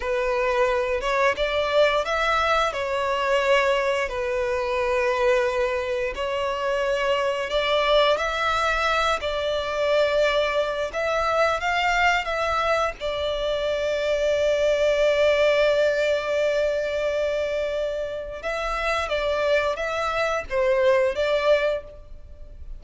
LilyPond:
\new Staff \with { instrumentName = "violin" } { \time 4/4 \tempo 4 = 88 b'4. cis''8 d''4 e''4 | cis''2 b'2~ | b'4 cis''2 d''4 | e''4. d''2~ d''8 |
e''4 f''4 e''4 d''4~ | d''1~ | d''2. e''4 | d''4 e''4 c''4 d''4 | }